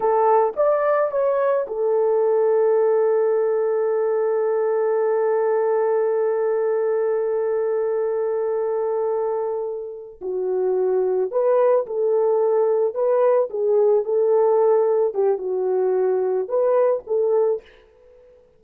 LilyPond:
\new Staff \with { instrumentName = "horn" } { \time 4/4 \tempo 4 = 109 a'4 d''4 cis''4 a'4~ | a'1~ | a'1~ | a'1~ |
a'2~ a'8 fis'4.~ | fis'8 b'4 a'2 b'8~ | b'8 gis'4 a'2 g'8 | fis'2 b'4 a'4 | }